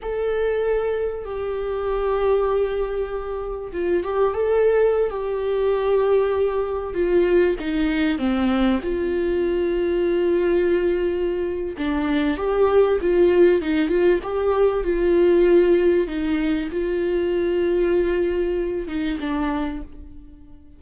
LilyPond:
\new Staff \with { instrumentName = "viola" } { \time 4/4 \tempo 4 = 97 a'2 g'2~ | g'2 f'8 g'8 a'4~ | a'16 g'2. f'8.~ | f'16 dis'4 c'4 f'4.~ f'16~ |
f'2. d'4 | g'4 f'4 dis'8 f'8 g'4 | f'2 dis'4 f'4~ | f'2~ f'8 dis'8 d'4 | }